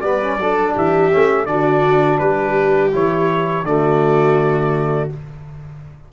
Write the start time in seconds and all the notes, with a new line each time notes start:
0.00 G3 B3 B4 D5
0.21 C#4
0.37 F#3 D4 A4
0.73 E3 G4 E5
1.11 A3 C#4
1.45 D3 D4 F#4 D5
2.18 G3 G4 B4
2.92 E3 E4 C#5
3.63 D3 A3 F#4 D5